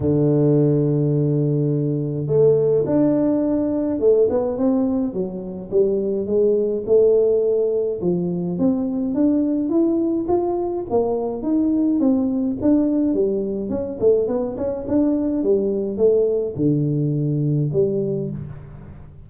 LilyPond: \new Staff \with { instrumentName = "tuba" } { \time 4/4 \tempo 4 = 105 d1 | a4 d'2 a8 b8 | c'4 fis4 g4 gis4 | a2 f4 c'4 |
d'4 e'4 f'4 ais4 | dis'4 c'4 d'4 g4 | cis'8 a8 b8 cis'8 d'4 g4 | a4 d2 g4 | }